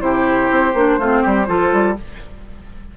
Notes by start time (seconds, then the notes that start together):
0.00 C3 E4 G4 C5
0.51 C4
0.74 A#3 D4
0.98 A3 C4 F4
1.22 G3 G4
1.46 F3 F4 A4
1.72 G3